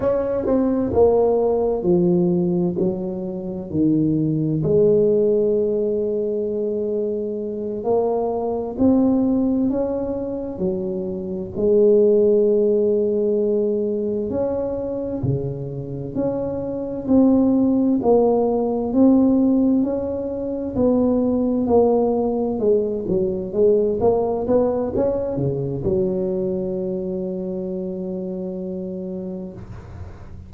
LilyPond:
\new Staff \with { instrumentName = "tuba" } { \time 4/4 \tempo 4 = 65 cis'8 c'8 ais4 f4 fis4 | dis4 gis2.~ | gis8 ais4 c'4 cis'4 fis8~ | fis8 gis2. cis'8~ |
cis'8 cis4 cis'4 c'4 ais8~ | ais8 c'4 cis'4 b4 ais8~ | ais8 gis8 fis8 gis8 ais8 b8 cis'8 cis8 | fis1 | }